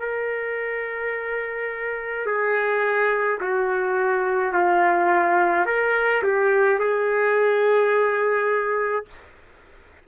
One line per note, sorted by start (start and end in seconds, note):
0.00 2.26 A#4
2.26 3.40 G#4
3.41 4.53 F#4
4.53 5.66 F4
5.66 6.23 A#4
6.23 6.80 G4
6.80 9.06 G#4